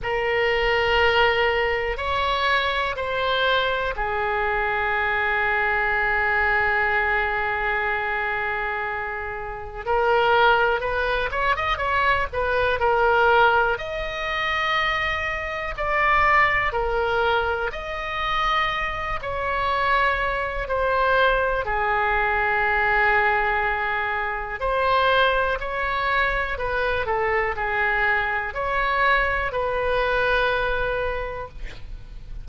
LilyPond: \new Staff \with { instrumentName = "oboe" } { \time 4/4 \tempo 4 = 61 ais'2 cis''4 c''4 | gis'1~ | gis'2 ais'4 b'8 cis''16 dis''16 | cis''8 b'8 ais'4 dis''2 |
d''4 ais'4 dis''4. cis''8~ | cis''4 c''4 gis'2~ | gis'4 c''4 cis''4 b'8 a'8 | gis'4 cis''4 b'2 | }